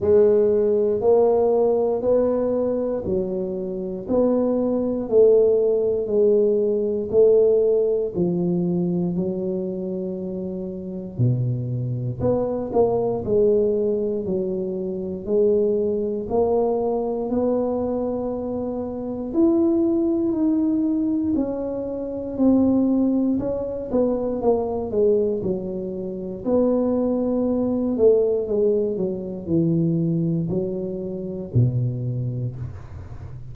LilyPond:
\new Staff \with { instrumentName = "tuba" } { \time 4/4 \tempo 4 = 59 gis4 ais4 b4 fis4 | b4 a4 gis4 a4 | f4 fis2 b,4 | b8 ais8 gis4 fis4 gis4 |
ais4 b2 e'4 | dis'4 cis'4 c'4 cis'8 b8 | ais8 gis8 fis4 b4. a8 | gis8 fis8 e4 fis4 b,4 | }